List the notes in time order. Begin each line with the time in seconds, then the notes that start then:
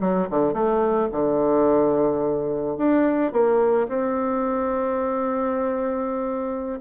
0.00 F#3
0.29 D3
0.53 A3
1.11 D3
2.77 D4
3.32 A#3
3.88 C4